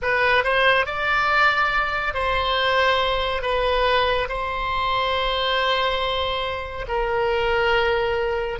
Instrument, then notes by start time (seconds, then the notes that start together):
oboe
0.02 B4
0.44 C5
0.86 D5
2.14 C5
3.42 B4
4.28 C5
6.88 A#4